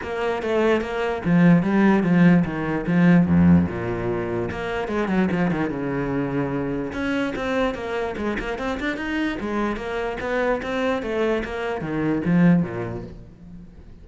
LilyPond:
\new Staff \with { instrumentName = "cello" } { \time 4/4 \tempo 4 = 147 ais4 a4 ais4 f4 | g4 f4 dis4 f4 | f,4 ais,2 ais4 | gis8 fis8 f8 dis8 cis2~ |
cis4 cis'4 c'4 ais4 | gis8 ais8 c'8 d'8 dis'4 gis4 | ais4 b4 c'4 a4 | ais4 dis4 f4 ais,4 | }